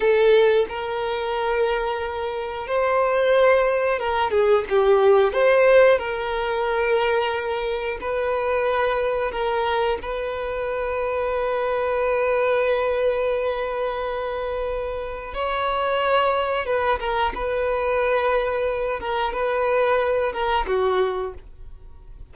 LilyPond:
\new Staff \with { instrumentName = "violin" } { \time 4/4 \tempo 4 = 90 a'4 ais'2. | c''2 ais'8 gis'8 g'4 | c''4 ais'2. | b'2 ais'4 b'4~ |
b'1~ | b'2. cis''4~ | cis''4 b'8 ais'8 b'2~ | b'8 ais'8 b'4. ais'8 fis'4 | }